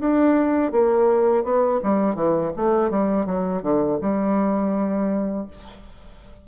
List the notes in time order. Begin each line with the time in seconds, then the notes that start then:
0.00 D4
0.72 A#3
1.44 B3
1.83 G3
2.15 E3
2.56 A3
2.90 G3
3.26 F#3
3.63 D3
4.01 G3